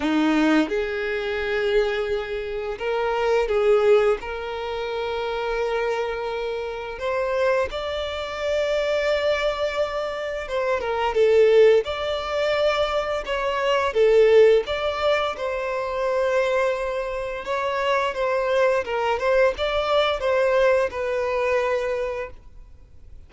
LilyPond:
\new Staff \with { instrumentName = "violin" } { \time 4/4 \tempo 4 = 86 dis'4 gis'2. | ais'4 gis'4 ais'2~ | ais'2 c''4 d''4~ | d''2. c''8 ais'8 |
a'4 d''2 cis''4 | a'4 d''4 c''2~ | c''4 cis''4 c''4 ais'8 c''8 | d''4 c''4 b'2 | }